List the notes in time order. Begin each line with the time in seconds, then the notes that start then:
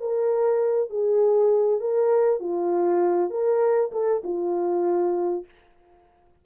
0.00 A#4
0.89 G#4
1.80 A#4
2.40 F4
3.30 A#4
3.91 A4
4.23 F4